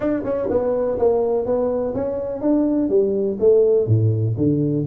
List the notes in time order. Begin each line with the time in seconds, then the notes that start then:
0.00 D4
0.24 C#4
0.49 B3
0.98 A#3
1.45 B3
1.94 C#4
2.41 D4
2.89 G3
3.39 A3
3.86 A2
4.37 D3